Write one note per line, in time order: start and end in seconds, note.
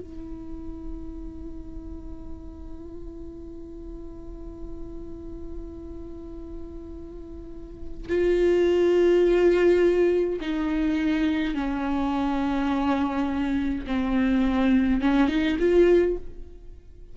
0.00 8.08 E4
8.09 10.40 F4
10.41 11.55 D#4
11.55 13.86 C#4
13.87 15.02 C4
15.02 15.28 C#4
15.28 15.57 D#4
15.59 16.17 F4